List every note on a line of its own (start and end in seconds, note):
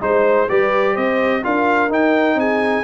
0.00 0.49 G#3
0.00 0.48 D#4
0.00 0.49 C5
0.00 0.48 C5
0.48 0.96 G3
0.48 1.43 G4
0.48 0.93 B4
0.48 0.96 D5
0.93 1.44 C4
0.93 1.40 C5
0.93 1.44 D#5
1.43 1.88 D4
1.43 1.89 F4
1.43 2.38 A#4
1.43 1.92 F5
1.88 2.34 D#4
1.88 2.84 D#4
1.88 2.39 G5
2.34 2.82 C4
2.34 2.84 G#4
2.34 2.84 G#5